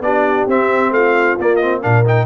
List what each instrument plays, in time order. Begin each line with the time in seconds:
0.00 tuba B3, trombone D4, horn G4, trumpet D5
0.46 tuba C4, trombone C4, trumpet E5
0.91 tuba A3, horn F4, trumpet F5
1.39 tuba A#3, trombone A#3, trumpet D5
1.56 trombone C4, trumpet D#5
1.81 tuba A#2, trombone D4, horn A#4, trumpet F5
2.05 trombone D#4, trumpet G5